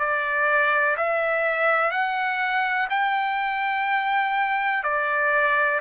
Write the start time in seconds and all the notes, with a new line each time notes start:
0.00 D5
0.98 E5
1.92 F#5
2.90 G5
4.84 D5